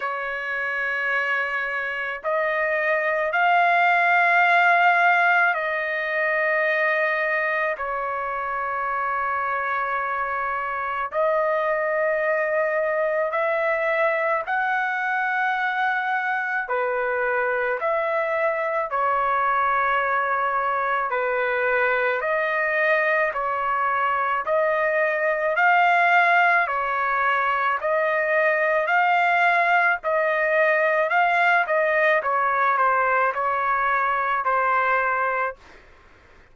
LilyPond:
\new Staff \with { instrumentName = "trumpet" } { \time 4/4 \tempo 4 = 54 cis''2 dis''4 f''4~ | f''4 dis''2 cis''4~ | cis''2 dis''2 | e''4 fis''2 b'4 |
e''4 cis''2 b'4 | dis''4 cis''4 dis''4 f''4 | cis''4 dis''4 f''4 dis''4 | f''8 dis''8 cis''8 c''8 cis''4 c''4 | }